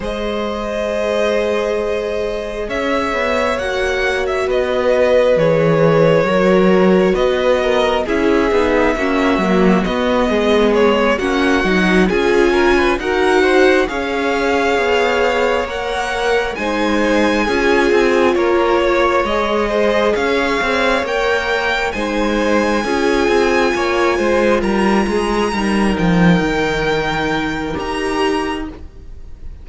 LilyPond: <<
  \new Staff \with { instrumentName = "violin" } { \time 4/4 \tempo 4 = 67 dis''2. e''4 | fis''8. e''16 dis''4 cis''2 | dis''4 e''2 dis''4 | cis''8 fis''4 gis''4 fis''4 f''8~ |
f''4. fis''4 gis''4.~ | gis''8 cis''4 dis''4 f''4 g''8~ | g''8 gis''2. ais''8~ | ais''4 g''2 ais''4 | }
  \new Staff \with { instrumentName = "violin" } { \time 4/4 c''2. cis''4~ | cis''4 b'2 ais'4 | b'8 ais'8 gis'4 fis'4. gis'8~ | gis'8 fis'4 gis'8 ais'16 b'16 ais'8 c''8 cis''8~ |
cis''2~ cis''8 c''4 gis'8~ | gis'8 ais'8 cis''4 c''8 cis''4.~ | cis''8 c''4 gis'4 cis''8 c''8 ais'8 | gis'8 ais'2.~ ais'8 | }
  \new Staff \with { instrumentName = "viola" } { \time 4/4 gis'1 | fis'2 gis'4 fis'4~ | fis'4 e'8 dis'8 cis'8 ais8 b4~ | b8 cis'8 dis'8 f'4 fis'4 gis'8~ |
gis'4. ais'4 dis'4 f'8~ | f'4. gis'2 ais'8~ | ais'8 dis'4 f'2~ f'8~ | f'8 dis'2~ dis'8 g'4 | }
  \new Staff \with { instrumentName = "cello" } { \time 4/4 gis2. cis'8 b8 | ais4 b4 e4 fis4 | b4 cis'8 b8 ais8 fis8 b8 gis8~ | gis8 ais8 fis8 cis'4 dis'4 cis'8~ |
cis'8 b4 ais4 gis4 cis'8 | c'8 ais4 gis4 cis'8 c'8 ais8~ | ais8 gis4 cis'8 c'8 ais8 gis8 g8 | gis8 g8 f8 dis4. dis'4 | }
>>